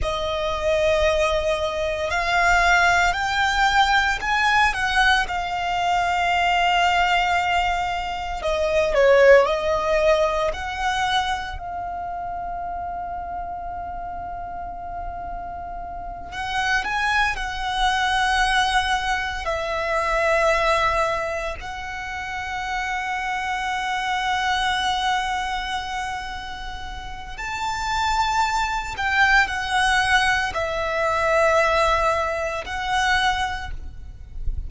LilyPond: \new Staff \with { instrumentName = "violin" } { \time 4/4 \tempo 4 = 57 dis''2 f''4 g''4 | gis''8 fis''8 f''2. | dis''8 cis''8 dis''4 fis''4 f''4~ | f''2.~ f''8 fis''8 |
gis''8 fis''2 e''4.~ | e''8 fis''2.~ fis''8~ | fis''2 a''4. g''8 | fis''4 e''2 fis''4 | }